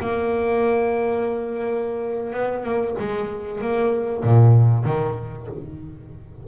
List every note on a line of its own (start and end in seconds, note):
0.00 2.34 A#3
2.34 2.64 B3
2.64 2.95 A#3
2.99 3.61 G#3
3.61 4.24 A#3
4.24 4.85 A#2
4.85 5.48 D#3